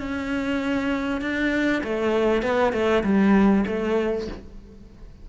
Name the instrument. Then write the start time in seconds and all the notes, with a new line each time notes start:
cello
0.00 C#4
1.22 D4
1.84 A3
2.43 B3
2.73 A3
3.04 G3
3.67 A3